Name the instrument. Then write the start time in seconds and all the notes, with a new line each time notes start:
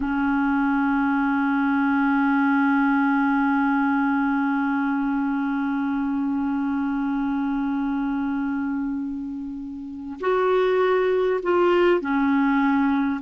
clarinet
0.00 C#4
10.20 F#4
11.43 F4
12.00 C#4